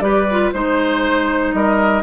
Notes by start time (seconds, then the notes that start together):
0.00 G3 G4 B4 D5
0.31 F4
0.52 G#3 D#4 C5
1.52 G3 A#4 D#5